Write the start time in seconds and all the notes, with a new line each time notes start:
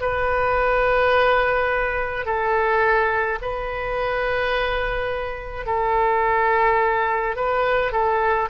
0.00 B4
2.25 A4
3.41 B4
5.66 A4
7.36 B4
7.91 A4